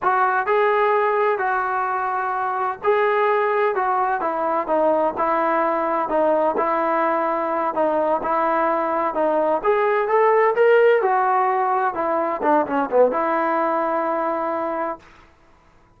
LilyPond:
\new Staff \with { instrumentName = "trombone" } { \time 4/4 \tempo 4 = 128 fis'4 gis'2 fis'4~ | fis'2 gis'2 | fis'4 e'4 dis'4 e'4~ | e'4 dis'4 e'2~ |
e'8 dis'4 e'2 dis'8~ | dis'8 gis'4 a'4 ais'4 fis'8~ | fis'4. e'4 d'8 cis'8 b8 | e'1 | }